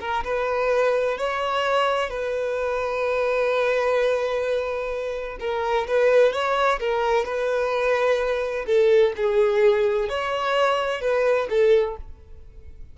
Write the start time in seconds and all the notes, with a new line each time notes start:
0.00 A#4
0.24 B4
1.18 C#5
2.10 B4
5.40 A#4
5.87 B4
6.33 C#5
6.80 A#4
7.25 B4
8.66 A4
9.17 G#4
10.09 C#5
11.01 B4
11.50 A4